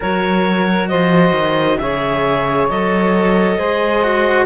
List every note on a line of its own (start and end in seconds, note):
0.00 0.91 F#3
0.00 1.79 F#4
0.00 0.89 A#4
0.00 0.88 C#5
0.88 1.32 F3
0.88 1.78 C5
0.88 1.77 D#5
1.32 1.76 D#3
1.77 2.69 C#3
1.77 2.69 G#4
1.77 3.57 C#5
1.77 2.67 E5
2.69 3.57 F#3
2.69 3.58 A4
2.69 4.45 D#5
3.57 4.45 G#3
3.57 4.03 G#4
3.57 4.45 C5
4.03 4.45 F#4